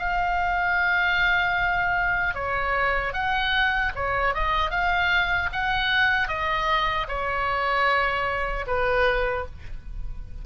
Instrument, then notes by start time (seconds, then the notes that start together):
oboe
0.00 F5
2.35 C#5
3.14 F#5
3.96 C#5
4.35 D#5
4.71 F5
5.53 F#5
6.28 D#5
7.08 C#5
8.67 B4